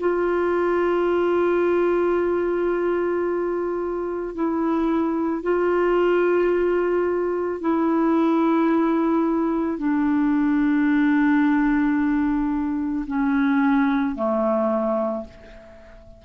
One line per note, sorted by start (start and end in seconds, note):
0.00 4.35 F4
4.35 5.42 E4
5.42 7.61 F4
7.61 9.78 E4
9.78 13.06 D4
13.07 14.15 C#4
14.15 15.24 A3